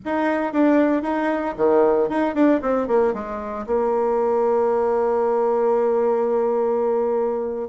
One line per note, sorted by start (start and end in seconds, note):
0.05 0.52 D#4
0.52 1.02 D4
1.02 1.54 D#4
1.57 2.09 D#3
2.09 2.35 D#4
2.35 2.61 D4
2.61 2.87 C4
2.87 3.13 A#3
3.13 3.65 G#3
3.66 7.68 A#3